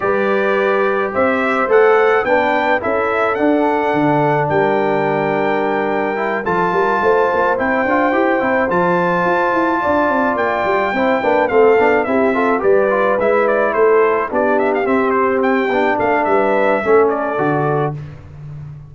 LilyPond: <<
  \new Staff \with { instrumentName = "trumpet" } { \time 4/4 \tempo 4 = 107 d''2 e''4 fis''4 | g''4 e''4 fis''2 | g''2.~ g''8 a''8~ | a''4. g''2 a''8~ |
a''2~ a''8 g''4.~ | g''8 f''4 e''4 d''4 e''8 | d''8 c''4 d''8 e''16 f''16 e''8 c''8 g''8~ | g''8 f''8 e''4. d''4. | }
  \new Staff \with { instrumentName = "horn" } { \time 4/4 b'2 c''2 | b'4 a'2. | ais'2.~ ais'8 a'8 | ais'8 c''2.~ c''8~ |
c''4. d''2 c''8 | b'8 a'4 g'8 a'8 b'4.~ | b'8 a'4 g'2~ g'8~ | g'8 a'8 b'4 a'2 | }
  \new Staff \with { instrumentName = "trombone" } { \time 4/4 g'2. a'4 | d'4 e'4 d'2~ | d'2. e'8 f'8~ | f'4. e'8 f'8 g'8 e'8 f'8~ |
f'2.~ f'8 e'8 | d'8 c'8 d'8 e'8 f'8 g'8 f'8 e'8~ | e'4. d'4 c'4. | d'2 cis'4 fis'4 | }
  \new Staff \with { instrumentName = "tuba" } { \time 4/4 g2 c'4 a4 | b4 cis'4 d'4 d4 | g2.~ g8 f8 | g8 a8 ais8 c'8 d'8 e'8 c'8 f8~ |
f8 f'8 e'8 d'8 c'8 ais8 g8 c'8 | ais8 a8 b8 c'4 g4 gis8~ | gis8 a4 b4 c'4. | b8 a8 g4 a4 d4 | }
>>